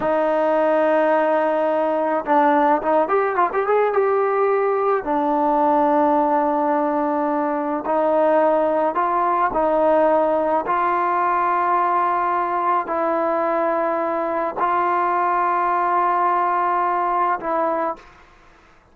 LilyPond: \new Staff \with { instrumentName = "trombone" } { \time 4/4 \tempo 4 = 107 dis'1 | d'4 dis'8 g'8 f'16 g'16 gis'8 g'4~ | g'4 d'2.~ | d'2 dis'2 |
f'4 dis'2 f'4~ | f'2. e'4~ | e'2 f'2~ | f'2. e'4 | }